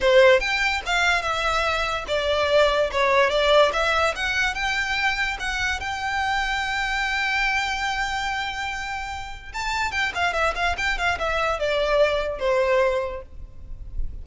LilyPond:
\new Staff \with { instrumentName = "violin" } { \time 4/4 \tempo 4 = 145 c''4 g''4 f''4 e''4~ | e''4 d''2 cis''4 | d''4 e''4 fis''4 g''4~ | g''4 fis''4 g''2~ |
g''1~ | g''2. a''4 | g''8 f''8 e''8 f''8 g''8 f''8 e''4 | d''2 c''2 | }